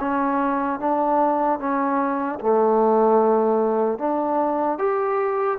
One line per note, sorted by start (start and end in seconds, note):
0.00 0.80 C#4
0.80 1.59 D4
1.59 2.39 C#4
2.40 3.99 A3
3.99 4.79 D4
4.79 5.59 G4